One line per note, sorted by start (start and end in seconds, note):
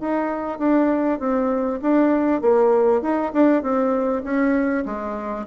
0.00 0.58 D#4
0.58 1.19 D4
1.19 1.79 C4
1.82 2.41 D4
2.41 3.02 A#3
3.02 3.32 D#4
3.33 3.62 D4
3.62 4.23 C4
4.23 4.84 C#4
4.85 5.46 G#3